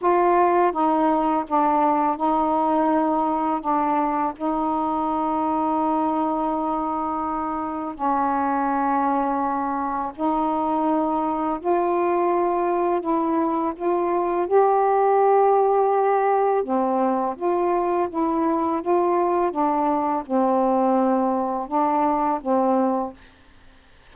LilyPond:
\new Staff \with { instrumentName = "saxophone" } { \time 4/4 \tempo 4 = 83 f'4 dis'4 d'4 dis'4~ | dis'4 d'4 dis'2~ | dis'2. cis'4~ | cis'2 dis'2 |
f'2 e'4 f'4 | g'2. c'4 | f'4 e'4 f'4 d'4 | c'2 d'4 c'4 | }